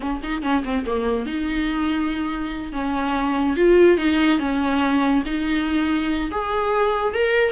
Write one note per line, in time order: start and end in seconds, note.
0.00 0.21 C#4
0.23 0.42 D#4
0.42 0.63 C#4
0.64 0.84 C4
0.86 1.25 A#3
1.25 2.72 D#4
2.72 3.56 C#4
3.56 3.97 F4
3.97 4.39 D#4
4.39 5.23 C#4
5.25 6.30 D#4
6.31 7.13 G#4
7.13 7.52 A#4